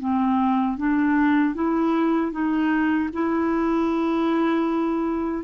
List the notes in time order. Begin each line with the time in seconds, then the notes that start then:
0.00 C4
0.78 D4
1.55 E4
2.32 D#4
3.13 E4